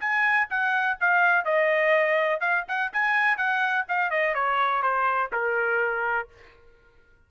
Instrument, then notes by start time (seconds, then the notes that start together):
trumpet
0.00 G#5
0.50 F#5
1.00 F5
1.45 D#5
2.40 F5
2.68 F#5
2.93 G#5
3.37 F#5
3.88 F5
4.11 D#5
4.34 C#5
4.82 C5
5.33 A#4